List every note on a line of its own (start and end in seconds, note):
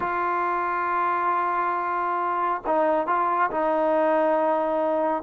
0.00 2.62 F4
2.66 3.06 D#4
3.06 3.50 F4
3.50 5.23 D#4